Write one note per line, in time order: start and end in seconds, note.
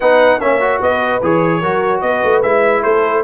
0.00 0.40 B3
0.00 0.40 D#4
0.00 0.40 B4
0.00 0.40 F#5
0.40 0.80 A#3
0.40 0.60 C#4
0.40 0.80 C#5
0.40 0.81 E5
0.60 1.21 F#4
0.80 1.21 B3
0.80 1.60 B4
0.80 1.22 D#5
1.22 1.62 E3
1.22 1.63 G#4
1.22 2.01 C#5
1.60 2.02 F#3
1.60 2.44 F#4
1.60 2.01 A#4
2.01 2.22 B3
2.01 2.82 B4
2.01 2.41 D#5
2.23 2.43 A3
2.42 2.84 G#3
2.42 3.24 E4
2.42 2.83 E5
2.82 3.24 A3
2.82 3.23 A4
2.82 3.23 C5